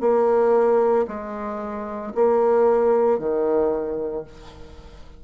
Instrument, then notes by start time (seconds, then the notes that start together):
bassoon
0.00 A#3
1.07 G#3
2.14 A#3
3.18 D#3